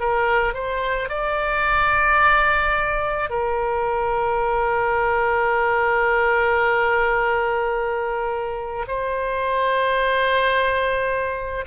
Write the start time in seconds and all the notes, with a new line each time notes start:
0.00 A#4
0.54 C5
1.09 D5
3.30 A#4
8.87 C5